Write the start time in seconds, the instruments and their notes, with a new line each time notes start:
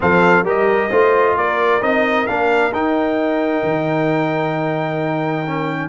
0.00 tuba F3, trombone C4, horn A4, trumpet F5
0.43 tuba G3, trombone G4, horn A#4, trumpet D#5
0.89 tuba A3, trombone F4, horn C5
1.36 tuba A#3, horn A#4, trumpet D5
1.81 tuba C4, trombone D#4, trumpet D#5
2.26 tuba A#3, trombone D4, trumpet F5
2.72 tuba D#4, trombone D#4, trumpet G5
3.63 tuba D#3
5.46 trombone C#4